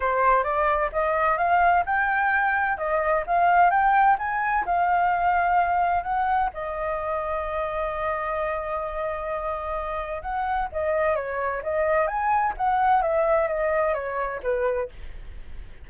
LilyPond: \new Staff \with { instrumentName = "flute" } { \time 4/4 \tempo 4 = 129 c''4 d''4 dis''4 f''4 | g''2 dis''4 f''4 | g''4 gis''4 f''2~ | f''4 fis''4 dis''2~ |
dis''1~ | dis''2 fis''4 dis''4 | cis''4 dis''4 gis''4 fis''4 | e''4 dis''4 cis''4 b'4 | }